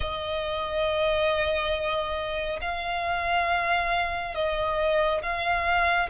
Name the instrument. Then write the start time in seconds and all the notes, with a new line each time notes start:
violin
0.00 D#5
2.61 F5
4.34 D#5
5.22 F5